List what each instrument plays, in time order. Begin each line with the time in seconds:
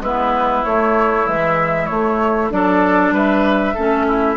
0.00 bassoon G#3, clarinet B3, oboe E4, flute B4
0.65 bassoon A3, clarinet A3, flute C#5
1.26 clarinet E3, bassoon G#3, flute E5
1.86 clarinet A3, bassoon A3, flute C#5
2.51 bassoon F#3, clarinet D4, oboe A4, flute D5
3.12 bassoon G3, oboe B4, flute E5
3.75 bassoon A3, clarinet C#4, oboe A4
4.08 oboe E4